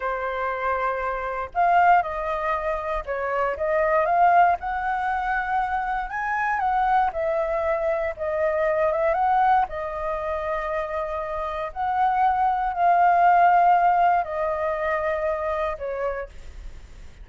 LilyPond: \new Staff \with { instrumentName = "flute" } { \time 4/4 \tempo 4 = 118 c''2. f''4 | dis''2 cis''4 dis''4 | f''4 fis''2. | gis''4 fis''4 e''2 |
dis''4. e''8 fis''4 dis''4~ | dis''2. fis''4~ | fis''4 f''2. | dis''2. cis''4 | }